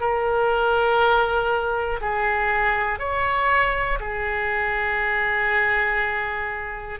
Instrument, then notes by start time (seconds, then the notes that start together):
oboe
0.00 A#4
2.01 G#4
2.99 C#5
4.00 G#4